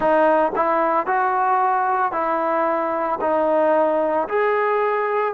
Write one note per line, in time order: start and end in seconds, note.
0.00 0.52 D#4
0.55 1.06 E4
1.06 2.12 F#4
2.12 3.19 E4
3.20 4.28 D#4
4.28 5.34 G#4